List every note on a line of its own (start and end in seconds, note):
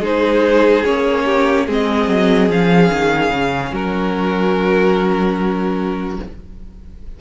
0.00 0.82 G#3
0.00 0.84 D#4
0.00 1.24 G#4
0.00 0.85 C5
0.84 1.67 A#3
0.84 1.67 C#4
0.84 1.67 C#5
1.24 1.65 G4
1.66 2.08 G#3
1.66 2.49 C4
1.66 3.72 G#4
1.66 2.51 D#5
2.08 2.49 F#3
2.49 2.90 F3
2.49 6.20 C#4
2.49 3.74 F5
2.92 3.29 D#3
3.29 3.71 C#3
3.72 6.19 F#3
3.72 6.19 F#4
3.72 6.20 A#4